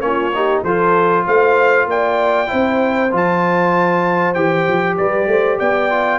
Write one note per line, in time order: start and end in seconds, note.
0.00 0.62 A#3
0.00 0.31 C#4
0.00 0.35 F4
0.00 0.62 C#5
0.34 0.65 D#4
0.34 0.63 G4
0.63 1.25 F3
0.63 2.46 F4
0.63 1.24 A4
0.63 1.26 C5
1.25 1.86 A3
1.25 1.87 C5
1.25 1.89 F5
1.86 2.48 A#3
1.86 2.50 D5
1.86 3.13 G5
2.46 3.08 E4
2.46 4.97 C5
2.52 3.12 C4
3.11 4.35 F3
3.11 4.35 F4
3.11 4.34 A5
4.34 4.66 E3
4.34 5.90 G4
4.34 4.96 G5
4.68 4.99 F3
4.97 5.27 G3
4.97 5.29 B4
4.97 5.59 D5
5.27 5.57 A3
5.27 5.58 C5
5.58 6.19 B3
5.58 6.19 D5
5.58 6.19 G5
5.90 6.19 F4